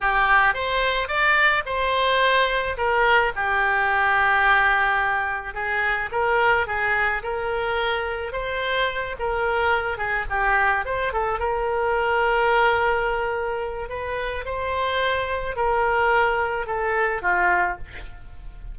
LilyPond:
\new Staff \with { instrumentName = "oboe" } { \time 4/4 \tempo 4 = 108 g'4 c''4 d''4 c''4~ | c''4 ais'4 g'2~ | g'2 gis'4 ais'4 | gis'4 ais'2 c''4~ |
c''8 ais'4. gis'8 g'4 c''8 | a'8 ais'2.~ ais'8~ | ais'4 b'4 c''2 | ais'2 a'4 f'4 | }